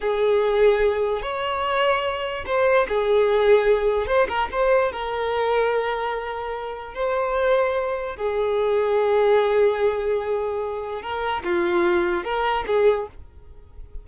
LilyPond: \new Staff \with { instrumentName = "violin" } { \time 4/4 \tempo 4 = 147 gis'2. cis''4~ | cis''2 c''4 gis'4~ | gis'2 c''8 ais'8 c''4 | ais'1~ |
ais'4 c''2. | gis'1~ | gis'2. ais'4 | f'2 ais'4 gis'4 | }